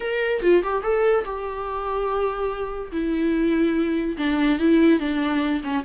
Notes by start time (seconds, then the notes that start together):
0.00 A#4
0.42 F4
0.63 G4
0.82 A4
1.24 G4
2.91 E4
4.17 D4
4.59 E4
4.99 D4
5.63 C#4